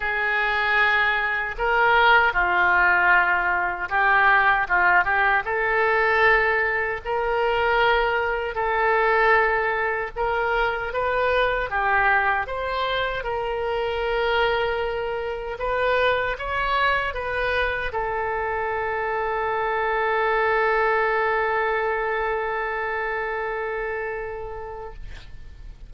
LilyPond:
\new Staff \with { instrumentName = "oboe" } { \time 4/4 \tempo 4 = 77 gis'2 ais'4 f'4~ | f'4 g'4 f'8 g'8 a'4~ | a'4 ais'2 a'4~ | a'4 ais'4 b'4 g'4 |
c''4 ais'2. | b'4 cis''4 b'4 a'4~ | a'1~ | a'1 | }